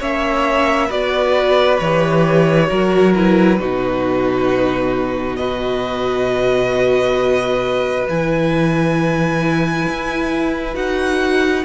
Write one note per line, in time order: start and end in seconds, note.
0.00 0.90 A#3
0.00 0.90 C#4
0.00 0.87 C#5
0.00 0.91 E5
0.87 1.80 B3
0.87 1.79 F#4
0.87 2.66 B4
0.87 1.78 D5
1.78 2.70 E3
1.78 2.68 G4
1.78 3.13 C#5
2.68 3.60 F#3
2.68 3.13 F#4
2.68 3.59 A#4
3.15 3.60 E4
3.15 5.36 B4
3.59 8.08 B2
3.59 5.39 D#4
3.59 5.38 F#4
5.36 8.08 F#4
5.36 11.65 B4
5.36 8.05 D#5
8.08 9.87 E3
8.08 10.74 E4
8.08 10.76 G#5
9.89 10.76 E4
10.74 11.65 D#4
10.74 11.64 F#4
10.74 11.65 F#5